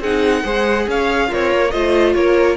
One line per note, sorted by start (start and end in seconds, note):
0.00 0.43 C4
0.00 0.44 D#4
0.00 0.43 G#4
0.00 0.89 F#5
0.43 0.87 G#3
0.43 1.30 G#4
0.43 0.86 C5
0.87 1.30 C#4
0.87 1.27 C#5
0.87 1.33 F5
1.27 1.70 F4
1.27 1.73 A#4
1.27 1.71 C#5
1.34 1.52 C4
1.52 1.74 A#3
1.71 2.15 A3
1.71 2.57 F4
1.71 2.16 C5
1.71 2.14 D#5
2.14 2.57 A#3
2.14 2.57 A#4
2.14 2.57 C#5